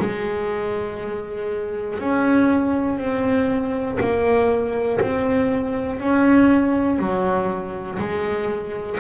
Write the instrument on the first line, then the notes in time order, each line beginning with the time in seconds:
double bass
0.00 G#3
2.00 C#4
2.98 C4
4.00 A#3
5.00 C4
6.00 C#4
6.99 F#3
8.00 G#3